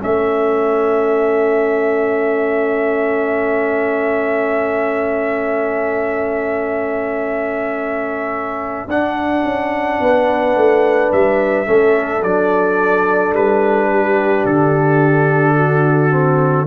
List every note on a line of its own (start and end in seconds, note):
0.00 8.88 A3
0.00 8.89 C#4
0.00 10.01 A4
0.00 8.90 E5
8.88 9.44 D4
8.88 11.66 D4
8.88 11.12 F#5
9.44 10.00 C#4
10.00 10.56 B3
10.00 11.67 B4
10.56 11.11 A3
11.12 11.68 G3
11.12 12.23 E5
11.66 12.23 A3
11.66 12.21 C#4
11.66 13.90 A4
12.23 13.34 F#3
12.23 16.11 D4
12.23 13.34 D5
13.34 14.45 G3
13.34 14.46 B4
13.90 15.56 G4
14.46 16.68 D3
14.46 16.68 A4
15.56 16.67 F#4
16.11 16.66 C4